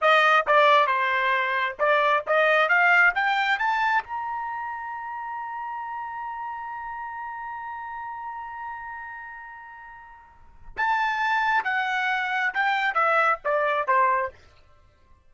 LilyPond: \new Staff \with { instrumentName = "trumpet" } { \time 4/4 \tempo 4 = 134 dis''4 d''4 c''2 | d''4 dis''4 f''4 g''4 | a''4 ais''2.~ | ais''1~ |
ais''1~ | ais''1 | a''2 fis''2 | g''4 e''4 d''4 c''4 | }